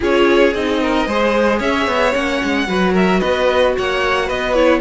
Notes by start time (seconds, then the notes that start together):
0.00 C#4 F4 G#4 C#5
0.53 C4 D#4 D#5
0.81 A#4
1.06 G#3 G#4 C5
1.58 C#4 C#5 E5
1.86 B3
2.12 A#3 C#4 F#5
2.42 G#3
2.67 F#3 F#4 B4
2.93 A#4 E5
3.19 B3 B4 D#5
3.77 A#3 C#5 F#5
4.26 B3 B4 D#5
4.53 E4 C#5